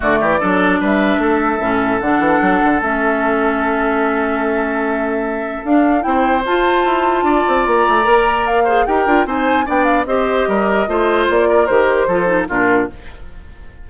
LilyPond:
<<
  \new Staff \with { instrumentName = "flute" } { \time 4/4 \tempo 4 = 149 d''2 e''2~ | e''4 fis''2 e''4~ | e''1~ | e''2 f''4 g''4 |
a''2. ais''4~ | ais''4 f''4 g''4 gis''4 | g''8 f''8 dis''2. | d''4 c''2 ais'4 | }
  \new Staff \with { instrumentName = "oboe" } { \time 4/4 fis'8 g'8 a'4 b'4 a'4~ | a'1~ | a'1~ | a'2. c''4~ |
c''2 d''2~ | d''4. c''8 ais'4 c''4 | d''4 c''4 ais'4 c''4~ | c''8 ais'4. a'4 f'4 | }
  \new Staff \with { instrumentName = "clarinet" } { \time 4/4 a4 d'2. | cis'4 d'2 cis'4~ | cis'1~ | cis'2 d'4 e'4 |
f'1 | ais'4. gis'8 g'8 f'8 dis'4 | d'4 g'2 f'4~ | f'4 g'4 f'8 dis'8 d'4 | }
  \new Staff \with { instrumentName = "bassoon" } { \time 4/4 d8 e8 fis4 g4 a4 | a,4 d8 e8 fis8 d8 a4~ | a1~ | a2 d'4 c'4 |
f'4 e'4 d'8 c'8 ais8 a8 | ais2 dis'8 d'8 c'4 | b4 c'4 g4 a4 | ais4 dis4 f4 ais,4 | }
>>